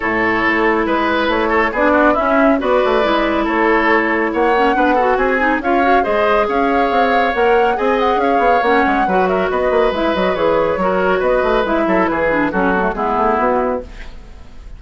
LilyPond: <<
  \new Staff \with { instrumentName = "flute" } { \time 4/4 \tempo 4 = 139 cis''2 b'4 cis''4 | d''4 e''4 d''2 | cis''2 fis''2 | gis''4 f''4 dis''4 f''4~ |
f''4 fis''4 gis''8 fis''8 f''4 | fis''4. e''8 dis''4 e''8 dis''8 | cis''2 dis''4 e''4 | b'4 a'4 gis'4 fis'4 | }
  \new Staff \with { instrumentName = "oboe" } { \time 4/4 a'2 b'4. a'8 | gis'8 fis'8 e'4 b'2 | a'2 cis''4 b'8 a'8 | gis'4 cis''4 c''4 cis''4~ |
cis''2 dis''4 cis''4~ | cis''4 b'8 ais'8 b'2~ | b'4 ais'4 b'4. a'8 | gis'4 fis'4 e'2 | }
  \new Staff \with { instrumentName = "clarinet" } { \time 4/4 e'1 | d'4 cis'4 fis'4 e'4~ | e'2~ e'8 cis'8 d'8 fis'8~ | fis'8 dis'8 f'8 fis'8 gis'2~ |
gis'4 ais'4 gis'2 | cis'4 fis'2 e'8 fis'8 | gis'4 fis'2 e'4~ | e'8 d'8 cis'8 b16 a16 b2 | }
  \new Staff \with { instrumentName = "bassoon" } { \time 4/4 a,4 a4 gis4 a4 | b4 cis'4 b8 a8 gis4 | a2 ais4 b4 | c'4 cis'4 gis4 cis'4 |
c'4 ais4 c'4 cis'8 b8 | ais8 gis8 fis4 b8 ais8 gis8 fis8 | e4 fis4 b8 a8 gis8 fis8 | e4 fis4 gis8 a8 b4 | }
>>